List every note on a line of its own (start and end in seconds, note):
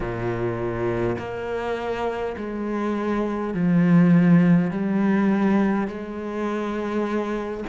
0.00 1.16 A#2
1.18 2.36 A#3
2.37 3.53 G#3
3.53 4.71 F3
4.71 5.87 G3
5.87 7.64 G#3